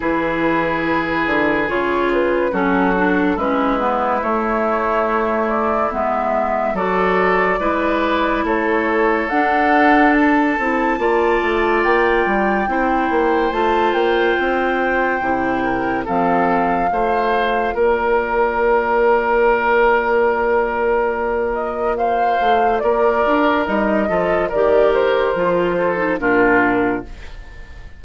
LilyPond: <<
  \new Staff \with { instrumentName = "flute" } { \time 4/4 \tempo 4 = 71 b'2 cis''8 b'8 a'4 | b'4 cis''4. d''8 e''4 | d''2 cis''4 fis''4 | a''2 g''2 |
a''8 g''2~ g''8 f''4~ | f''4 d''2.~ | d''4. dis''8 f''4 d''4 | dis''4 d''8 c''4. ais'4 | }
  \new Staff \with { instrumentName = "oboe" } { \time 4/4 gis'2. fis'4 | e'1 | a'4 b'4 a'2~ | a'4 d''2 c''4~ |
c''2~ c''8 ais'8 a'4 | c''4 ais'2.~ | ais'2 c''4 ais'4~ | ais'8 a'8 ais'4. a'8 f'4 | }
  \new Staff \with { instrumentName = "clarinet" } { \time 4/4 e'2 f'4 cis'8 d'8 | cis'8 b8 a2 b4 | fis'4 e'2 d'4~ | d'8 e'8 f'2 e'4 |
f'2 e'4 c'4 | f'1~ | f'1 | dis'8 f'8 g'4 f'8. dis'16 d'4 | }
  \new Staff \with { instrumentName = "bassoon" } { \time 4/4 e4. d8 cis4 fis4 | gis4 a2 gis4 | fis4 gis4 a4 d'4~ | d'8 c'8 ais8 a8 ais8 g8 c'8 ais8 |
a8 ais8 c'4 c4 f4 | a4 ais2.~ | ais2~ ais8 a8 ais8 d'8 | g8 f8 dis4 f4 ais,4 | }
>>